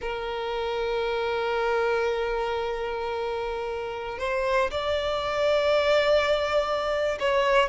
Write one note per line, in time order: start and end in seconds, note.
0.01 4.18 A#4
4.18 4.70 C5
4.70 7.18 D5
7.19 7.69 C#5